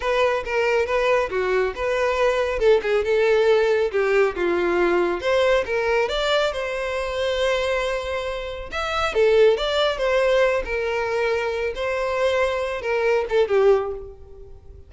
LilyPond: \new Staff \with { instrumentName = "violin" } { \time 4/4 \tempo 4 = 138 b'4 ais'4 b'4 fis'4 | b'2 a'8 gis'8 a'4~ | a'4 g'4 f'2 | c''4 ais'4 d''4 c''4~ |
c''1 | e''4 a'4 d''4 c''4~ | c''8 ais'2~ ais'8 c''4~ | c''4. ais'4 a'8 g'4 | }